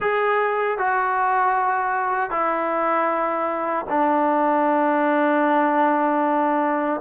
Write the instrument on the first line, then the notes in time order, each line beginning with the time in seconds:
trombone
0.00 G#4
0.78 F#4
2.30 E4
3.89 D4